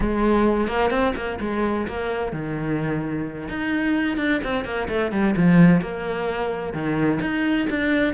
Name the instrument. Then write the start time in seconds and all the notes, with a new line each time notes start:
cello
0.00 G#3
0.67 A#3
0.90 C4
1.15 A#3
1.40 G#3
1.87 A#3
2.32 D#3
3.48 D#4
4.17 D4
4.43 C4
4.64 A#3
4.88 A3
5.11 G3
5.36 F3
5.81 A#3
6.73 D#3
7.20 D#4
7.69 D4